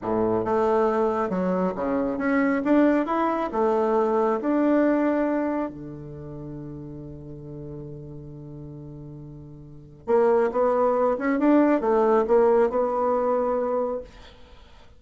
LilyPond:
\new Staff \with { instrumentName = "bassoon" } { \time 4/4 \tempo 4 = 137 a,4 a2 fis4 | cis4 cis'4 d'4 e'4 | a2 d'2~ | d'4 d2.~ |
d1~ | d2. ais4 | b4. cis'8 d'4 a4 | ais4 b2. | }